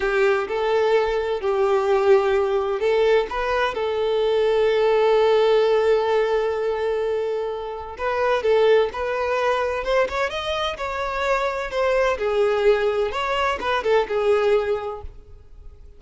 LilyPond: \new Staff \with { instrumentName = "violin" } { \time 4/4 \tempo 4 = 128 g'4 a'2 g'4~ | g'2 a'4 b'4 | a'1~ | a'1~ |
a'4 b'4 a'4 b'4~ | b'4 c''8 cis''8 dis''4 cis''4~ | cis''4 c''4 gis'2 | cis''4 b'8 a'8 gis'2 | }